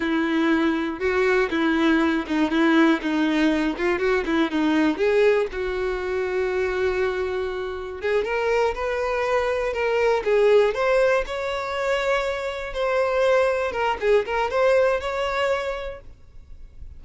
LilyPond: \new Staff \with { instrumentName = "violin" } { \time 4/4 \tempo 4 = 120 e'2 fis'4 e'4~ | e'8 dis'8 e'4 dis'4. f'8 | fis'8 e'8 dis'4 gis'4 fis'4~ | fis'1 |
gis'8 ais'4 b'2 ais'8~ | ais'8 gis'4 c''4 cis''4.~ | cis''4. c''2 ais'8 | gis'8 ais'8 c''4 cis''2 | }